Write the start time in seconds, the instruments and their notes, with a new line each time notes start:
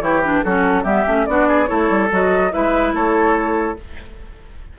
0.00 bassoon E3, clarinet E4, oboe G4, flute C#5
0.21 clarinet D4, flute B4
0.43 bassoon F#3, clarinet C#4, oboe F#4, flute A4
0.83 bassoon G3, clarinet B3, oboe G4, flute E5
1.06 bassoon A3, clarinet C#4
1.26 bassoon B3, clarinet D4, oboe F#4, flute D5
1.48 oboe G#4
1.67 bassoon A3, clarinet E4, oboe A4, flute C#5
1.90 bassoon G3
2.11 bassoon F#3, clarinet F#4, flute D#5
2.51 bassoon G#3, clarinet E4, oboe B4, flute E5
2.93 bassoon A3, oboe A4, flute C#5